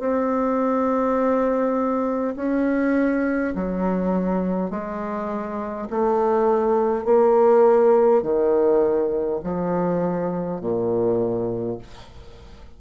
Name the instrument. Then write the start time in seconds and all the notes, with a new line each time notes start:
bassoon
0.00 C4
2.36 C#4
3.56 F#3
4.71 G#3
5.90 A3
7.05 A#3
8.22 D#3
9.44 F3
10.61 A#2